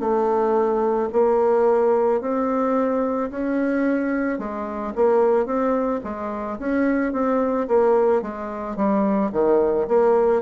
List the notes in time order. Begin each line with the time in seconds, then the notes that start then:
0.00 A3
1.13 A#3
2.22 C4
3.31 C#4
4.39 G#3
4.96 A#3
5.46 C4
6.04 G#3
6.60 C#4
7.13 C4
7.68 A#3
8.22 G#3
8.77 G3
9.33 D#3
9.88 A#3